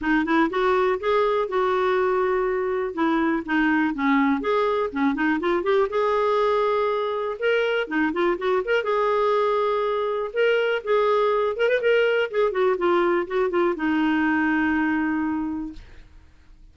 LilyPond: \new Staff \with { instrumentName = "clarinet" } { \time 4/4 \tempo 4 = 122 dis'8 e'8 fis'4 gis'4 fis'4~ | fis'2 e'4 dis'4 | cis'4 gis'4 cis'8 dis'8 f'8 g'8 | gis'2. ais'4 |
dis'8 f'8 fis'8 ais'8 gis'2~ | gis'4 ais'4 gis'4. ais'16 b'16 | ais'4 gis'8 fis'8 f'4 fis'8 f'8 | dis'1 | }